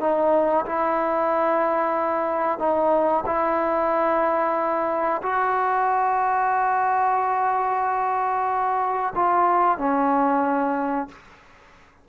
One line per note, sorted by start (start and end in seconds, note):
0.00 0.65 D#4
0.66 2.58 E4
2.58 3.24 D#4
3.26 5.21 E4
5.22 9.14 F#4
9.15 9.78 F4
9.78 11.08 C#4